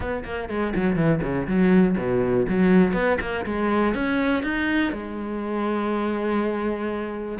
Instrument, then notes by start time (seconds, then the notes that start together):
cello
0.00 B3
0.24 A#3
0.49 G#3
0.75 F#3
0.96 E3
1.22 C#3
1.47 F#3
1.97 B2
2.48 F#3
2.93 B3
3.20 A#3
3.45 G#3
3.94 C#4
4.43 D#4
4.92 G#3